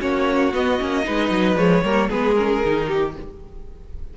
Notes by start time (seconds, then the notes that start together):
0.00 A#3 C#4 F#4 C#5
0.53 B3 D#5
0.80 A#3 C#4
1.04 G#3 D#4 B4
1.31 F#3
1.56 F3 G#3 C#5
1.84 G3 A#3 A#4
2.09 G#3 B3 G#4 B4
2.35 C#4 A#4
2.65 D#3 D#4
2.88 G4